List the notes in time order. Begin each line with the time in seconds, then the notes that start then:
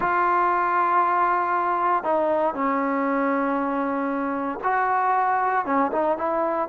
0.00 F4
2.03 D#4
2.54 C#4
4.63 F#4
5.65 C#4
5.92 D#4
6.17 E4